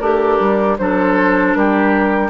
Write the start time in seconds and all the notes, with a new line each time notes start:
0.00 A3 D4 G4 A#4
0.40 G3
0.78 F#3 D4 A4 C5
1.55 G3 G4 A#4